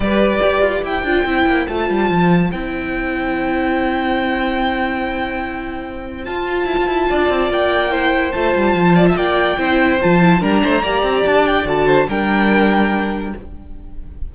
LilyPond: <<
  \new Staff \with { instrumentName = "violin" } { \time 4/4 \tempo 4 = 144 d''2 g''2 | a''2 g''2~ | g''1~ | g''2. a''4~ |
a''2 g''2 | a''2 g''2 | a''4 ais''2 a''8 g''8 | a''4 g''2. | }
  \new Staff \with { instrumentName = "violin" } { \time 4/4 b'2 c''2~ | c''1~ | c''1~ | c''1~ |
c''4 d''2 c''4~ | c''4. d''16 e''16 d''4 c''4~ | c''4 ais'8 c''8 d''2~ | d''8 c''8 ais'2. | }
  \new Staff \with { instrumentName = "viola" } { \time 4/4 g'2~ g'8 f'8 e'4 | f'2 e'2~ | e'1~ | e'2. f'4~ |
f'2. e'4 | f'2. e'4 | f'8 e'8 d'4 g'2 | fis'4 d'2. | }
  \new Staff \with { instrumentName = "cello" } { \time 4/4 g4 g'8 f'8 e'8 d'8 c'8 ais8 | a8 g8 f4 c'2~ | c'1~ | c'2. f'4 |
e'16 f'16 e'8 d'8 c'8 ais2 | a8 g8 f4 ais4 c'4 | f4 g8 a8 ais8 c'8 d'4 | d4 g2. | }
>>